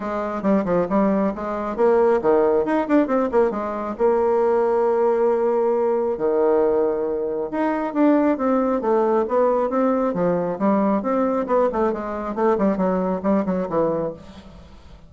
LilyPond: \new Staff \with { instrumentName = "bassoon" } { \time 4/4 \tempo 4 = 136 gis4 g8 f8 g4 gis4 | ais4 dis4 dis'8 d'8 c'8 ais8 | gis4 ais2.~ | ais2 dis2~ |
dis4 dis'4 d'4 c'4 | a4 b4 c'4 f4 | g4 c'4 b8 a8 gis4 | a8 g8 fis4 g8 fis8 e4 | }